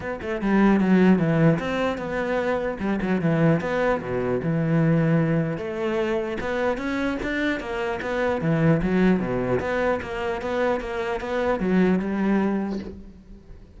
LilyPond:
\new Staff \with { instrumentName = "cello" } { \time 4/4 \tempo 4 = 150 b8 a8 g4 fis4 e4 | c'4 b2 g8 fis8 | e4 b4 b,4 e4~ | e2 a2 |
b4 cis'4 d'4 ais4 | b4 e4 fis4 b,4 | b4 ais4 b4 ais4 | b4 fis4 g2 | }